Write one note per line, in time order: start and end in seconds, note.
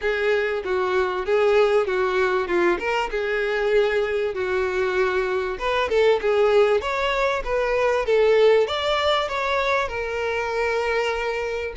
0.01 0.63 G#4
0.64 1.25 F#4
1.25 1.86 G#4
1.86 2.47 F#4
2.47 2.78 F4
2.79 3.10 A#4
3.10 4.34 G#4
4.34 5.58 F#4
5.58 5.89 B4
5.89 6.20 A4
6.21 6.81 G#4
6.81 7.43 C#5
7.44 8.05 B4
8.05 8.67 A4
8.67 9.28 D5
9.28 9.88 C#5
9.88 11.73 A#4